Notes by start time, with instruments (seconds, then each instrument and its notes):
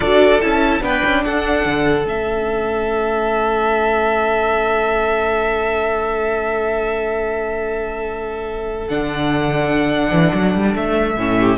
0.00 cello D4, viola F#4, violin A4 D5
0.41 cello C#4, viola E4, violin A5
0.81 cello B3, viola D4, violin B4 G5
1.05 cello C#4
1.23 cello D4, violin A4 F#5
1.65 cello D3
2.05 cello A3, viola C#4, violin E5
8.88 cello D3, viola D4, violin F#5
10.11 cello E3
10.33 cello F#3
10.54 cello G3
10.75 cello A3, violin E5
11.16 cello A2, viola C#4
11.39 violin G4